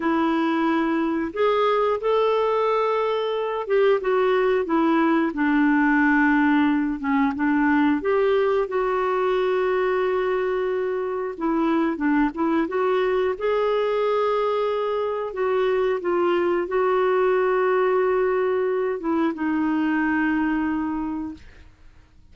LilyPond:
\new Staff \with { instrumentName = "clarinet" } { \time 4/4 \tempo 4 = 90 e'2 gis'4 a'4~ | a'4. g'8 fis'4 e'4 | d'2~ d'8 cis'8 d'4 | g'4 fis'2.~ |
fis'4 e'4 d'8 e'8 fis'4 | gis'2. fis'4 | f'4 fis'2.~ | fis'8 e'8 dis'2. | }